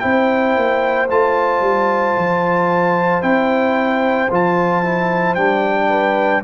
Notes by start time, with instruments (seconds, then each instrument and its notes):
0.00 tuba C4, trombone E4, horn C5, trumpet G5
0.57 tuba A#3
1.09 tuba A3, trombone F4, trumpet A5
1.61 tuba G3
2.18 tuba F3
3.22 tuba C4, trombone E4, trumpet G5
4.31 tuba F3, trombone F4, trumpet A5
4.84 trombone E4
5.35 tuba G3, trombone D4, trumpet G5
5.89 horn B4